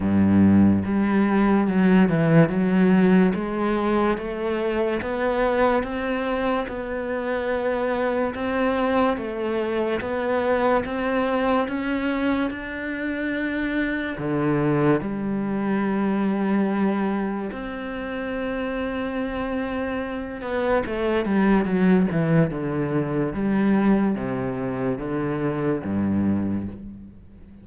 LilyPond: \new Staff \with { instrumentName = "cello" } { \time 4/4 \tempo 4 = 72 g,4 g4 fis8 e8 fis4 | gis4 a4 b4 c'4 | b2 c'4 a4 | b4 c'4 cis'4 d'4~ |
d'4 d4 g2~ | g4 c'2.~ | c'8 b8 a8 g8 fis8 e8 d4 | g4 c4 d4 g,4 | }